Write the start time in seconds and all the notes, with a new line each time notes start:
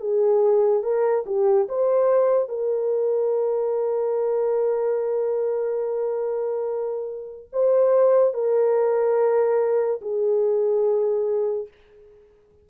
0.00 G#4
0.83 A#4
1.26 G4
1.68 C5
2.48 A#4
7.52 C5
8.34 A#4
10.01 G#4